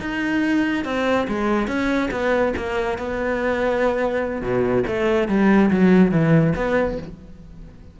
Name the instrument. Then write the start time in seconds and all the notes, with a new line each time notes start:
cello
0.00 D#4
0.85 C4
1.28 G#3
1.67 C#4
2.11 B3
2.57 A#3
2.98 B3
4.42 B2
4.87 A3
5.28 G3
5.71 F#3
6.11 E3
6.56 B3